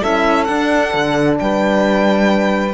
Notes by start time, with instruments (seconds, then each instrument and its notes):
0.00 cello C#4, horn E4, saxophone A4, violin E5
0.44 horn D4, cello D4, violin F#5
0.94 cello D3
1.39 cello G3, saxophone B4, violin G5